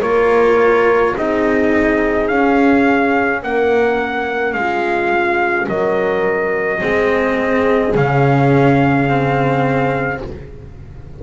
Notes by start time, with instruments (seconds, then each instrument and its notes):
0.00 double bass A#3, cello F4, horn A#4, trumpet C#5
1.15 double bass C4, cello D#4, horn G#4, trumpet D#5
2.27 double bass C#4, cello C#4, trumpet F5
3.42 double bass A#3, horn A#4, trumpet F#5
4.53 double bass G#3, trumpet F5
4.59 horn F4
5.68 double bass F#3, horn A#4, trumpet D#5
6.80 double bass G#3, cello C4, horn G#4
7.94 double bass C#3, cello C#4, trumpet F5
9.08 cello C4